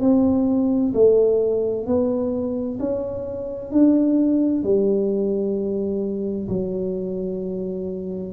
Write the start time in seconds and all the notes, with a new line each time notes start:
0.00 C4
0.94 A3
1.86 B3
2.79 C#4
3.71 D4
4.63 G3
6.48 F#3